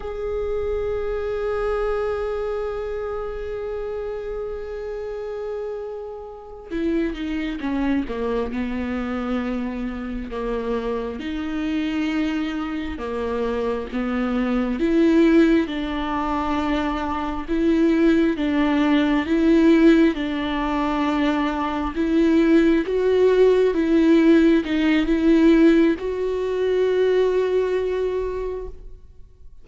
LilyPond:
\new Staff \with { instrumentName = "viola" } { \time 4/4 \tempo 4 = 67 gis'1~ | gis'2.~ gis'8 e'8 | dis'8 cis'8 ais8 b2 ais8~ | ais8 dis'2 ais4 b8~ |
b8 e'4 d'2 e'8~ | e'8 d'4 e'4 d'4.~ | d'8 e'4 fis'4 e'4 dis'8 | e'4 fis'2. | }